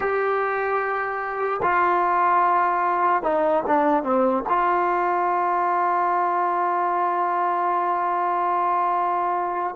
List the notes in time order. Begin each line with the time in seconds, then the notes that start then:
0.00 G4
1.62 F4
3.22 D#4
3.66 D4
4.03 C4
4.48 F4